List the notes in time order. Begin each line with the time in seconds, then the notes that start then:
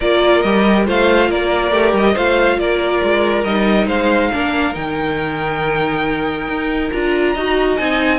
0.00 A#3 F4 A#4 D5
0.41 G3 G4 D#5
0.85 A3 F4 C5 F5
1.28 A#3 A#4 D5
1.71 A3 G4
1.93 G3 D#5
2.14 A3 F4 C5 F5
2.58 A#3 A#4 D5
3.03 G#3
3.44 G3 D#4 D#5
3.86 G#3 C5 F5
4.32 A#3 D4 A#4
4.72 D#3 D#4 G5
6.48 D#4
6.92 D4 F4 A#5
7.33 D#4 F#4 D#5
7.76 C4 D#4 G#5